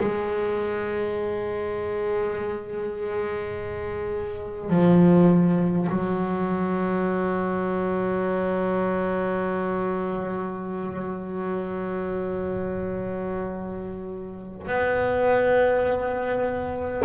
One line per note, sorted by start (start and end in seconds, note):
0.00 4.70 G#3
4.70 5.88 F3
5.89 14.67 F#3
14.67 17.03 B3